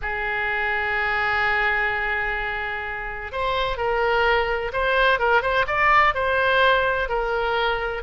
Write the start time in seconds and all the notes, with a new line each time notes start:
0.02 G#4
3.32 C5
3.77 A#4
4.72 C5
5.19 A#4
5.42 C5
5.67 D5
6.14 C5
7.08 A#4